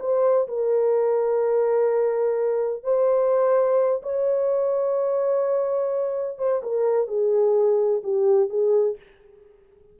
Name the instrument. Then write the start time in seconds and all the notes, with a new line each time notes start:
horn
0.00 C5
0.48 A#4
2.83 C5
4.03 C#5
6.38 C5
6.63 A#4
7.07 G#4
8.03 G4
8.50 G#4